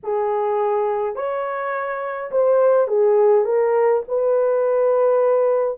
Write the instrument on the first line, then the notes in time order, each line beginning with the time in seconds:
horn
0.03 G#4
1.15 C#5
2.31 C5
2.87 G#4
3.44 A#4
4.08 B4